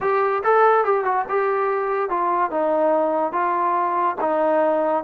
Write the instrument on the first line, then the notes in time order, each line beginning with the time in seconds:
trombone
0.01 G4
0.43 A4
0.84 G4
1.04 F#4
1.28 G4
2.09 F4
2.50 D#4
3.32 F4
4.20 D#4